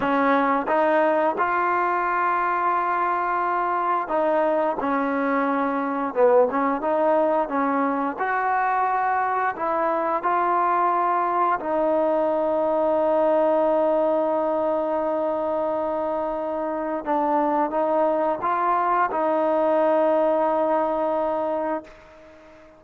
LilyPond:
\new Staff \with { instrumentName = "trombone" } { \time 4/4 \tempo 4 = 88 cis'4 dis'4 f'2~ | f'2 dis'4 cis'4~ | cis'4 b8 cis'8 dis'4 cis'4 | fis'2 e'4 f'4~ |
f'4 dis'2.~ | dis'1~ | dis'4 d'4 dis'4 f'4 | dis'1 | }